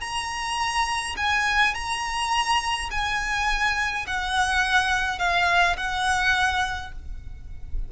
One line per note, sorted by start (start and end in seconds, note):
0.00 1.15 A#5
1.17 1.74 G#5
1.74 2.90 A#5
2.90 4.06 G#5
4.07 5.19 F#5
5.19 5.76 F5
5.77 6.92 F#5